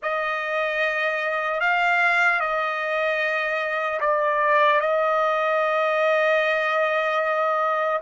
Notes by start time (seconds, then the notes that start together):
0.02 D#5
1.60 F5
2.40 D#5
4.00 D5
4.80 D#5